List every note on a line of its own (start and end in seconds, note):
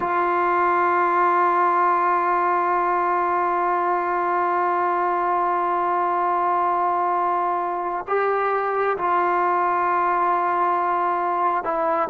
0.00 8.05 F4
8.07 8.97 G4
8.98 11.64 F4
11.64 12.09 E4